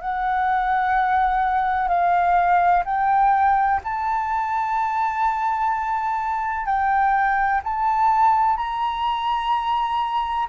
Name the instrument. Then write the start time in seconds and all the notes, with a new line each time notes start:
flute
0.00 F#5
1.88 F5
2.85 G5
3.84 A5
6.66 G5
7.64 A5
8.57 A#5